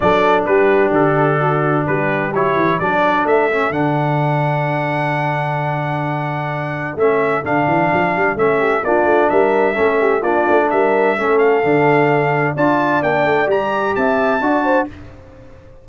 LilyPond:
<<
  \new Staff \with { instrumentName = "trumpet" } { \time 4/4 \tempo 4 = 129 d''4 b'4 a'2 | b'4 cis''4 d''4 e''4 | fis''1~ | fis''2. e''4 |
f''2 e''4 d''4 | e''2 d''4 e''4~ | e''8 f''2~ f''8 a''4 | g''4 ais''4 a''2 | }
  \new Staff \with { instrumentName = "horn" } { \time 4/4 a'4 g'2 fis'4 | g'2 a'2~ | a'1~ | a'1~ |
a'2~ a'8 g'8 f'4 | ais'4 a'8 g'8 f'4 ais'4 | a'2. d''4~ | d''2 e''4 d''8 c''8 | }
  \new Staff \with { instrumentName = "trombone" } { \time 4/4 d'1~ | d'4 e'4 d'4. cis'8 | d'1~ | d'2. cis'4 |
d'2 cis'4 d'4~ | d'4 cis'4 d'2 | cis'4 d'2 f'4 | d'4 g'2 fis'4 | }
  \new Staff \with { instrumentName = "tuba" } { \time 4/4 fis4 g4 d2 | g4 fis8 e8 fis4 a4 | d1~ | d2. a4 |
d8 e8 f8 g8 a4 ais8 a8 | g4 a4 ais8 a8 g4 | a4 d2 d'4 | ais8 a8 g4 c'4 d'4 | }
>>